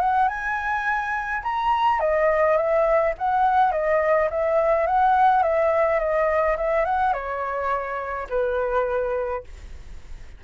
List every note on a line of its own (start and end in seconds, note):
0.00 0.28 F#5
0.28 1.43 G#5
1.43 2.00 A#5
2.00 2.57 D#5
2.57 3.14 E5
3.18 3.72 F#5
3.72 4.29 D#5
4.31 4.87 E5
4.87 5.43 F#5
5.43 5.99 E5
5.99 6.57 D#5
6.57 6.85 E5
6.85 7.13 F#5
7.13 8.28 C#5
8.30 9.44 B4